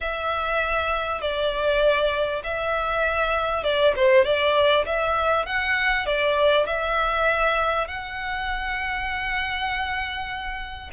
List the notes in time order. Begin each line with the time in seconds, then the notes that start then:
0.00 E5
1.21 D5
2.43 E5
3.63 D5
3.96 C5
4.24 D5
4.85 E5
5.45 F#5
6.06 D5
6.66 E5
7.87 F#5